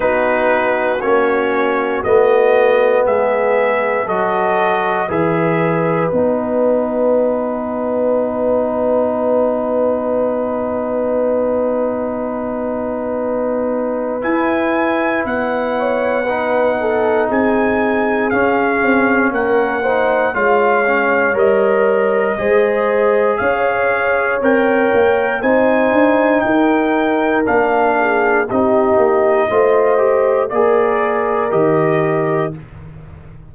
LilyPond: <<
  \new Staff \with { instrumentName = "trumpet" } { \time 4/4 \tempo 4 = 59 b'4 cis''4 dis''4 e''4 | dis''4 e''4 fis''2~ | fis''1~ | fis''2 gis''4 fis''4~ |
fis''4 gis''4 f''4 fis''4 | f''4 dis''2 f''4 | g''4 gis''4 g''4 f''4 | dis''2 d''4 dis''4 | }
  \new Staff \with { instrumentName = "horn" } { \time 4/4 fis'2. gis'4 | a'4 b'2.~ | b'1~ | b'2.~ b'8 cis''8 |
b'8 a'8 gis'2 ais'8 c''8 | cis''2 c''4 cis''4~ | cis''4 c''4 ais'4. gis'8 | g'4 c''4 ais'2 | }
  \new Staff \with { instrumentName = "trombone" } { \time 4/4 dis'4 cis'4 b2 | fis'4 gis'4 dis'2~ | dis'1~ | dis'2 e'2 |
dis'2 cis'4. dis'8 | f'8 cis'8 ais'4 gis'2 | ais'4 dis'2 d'4 | dis'4 f'8 g'8 gis'4 g'4 | }
  \new Staff \with { instrumentName = "tuba" } { \time 4/4 b4 ais4 a4 gis4 | fis4 e4 b2~ | b1~ | b2 e'4 b4~ |
b4 c'4 cis'8 c'8 ais4 | gis4 g4 gis4 cis'4 | c'8 ais8 c'8 d'8 dis'4 ais4 | c'8 ais8 a4 ais4 dis4 | }
>>